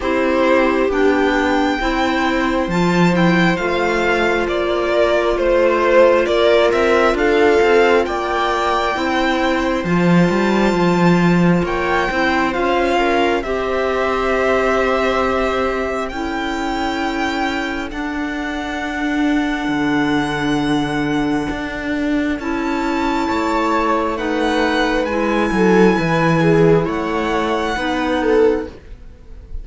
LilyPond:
<<
  \new Staff \with { instrumentName = "violin" } { \time 4/4 \tempo 4 = 67 c''4 g''2 a''8 g''8 | f''4 d''4 c''4 d''8 e''8 | f''4 g''2 a''4~ | a''4 g''4 f''4 e''4~ |
e''2 g''2 | fis''1~ | fis''4 a''2 fis''4 | gis''2 fis''2 | }
  \new Staff \with { instrumentName = "viola" } { \time 4/4 g'2 c''2~ | c''4. ais'8 c''4 ais'4 | a'4 d''4 c''2~ | c''4 cis''8 c''4 ais'8 c''4~ |
c''2 a'2~ | a'1~ | a'2 cis''4 b'4~ | b'8 a'8 b'8 gis'8 cis''4 b'8 a'8 | }
  \new Staff \with { instrumentName = "clarinet" } { \time 4/4 e'4 d'4 e'4 f'8 e'8 | f'1~ | f'2 e'4 f'4~ | f'4. e'8 f'4 g'4~ |
g'2 e'2 | d'1~ | d'4 e'2 dis'4 | e'2. dis'4 | }
  \new Staff \with { instrumentName = "cello" } { \time 4/4 c'4 b4 c'4 f4 | a4 ais4 a4 ais8 c'8 | d'8 c'8 ais4 c'4 f8 g8 | f4 ais8 c'8 cis'4 c'4~ |
c'2 cis'2 | d'2 d2 | d'4 cis'4 a2 | gis8 fis8 e4 a4 b4 | }
>>